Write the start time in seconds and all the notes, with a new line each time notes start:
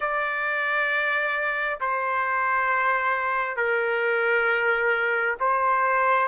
0.00 D5
1.80 C5
3.56 A#4
5.40 C5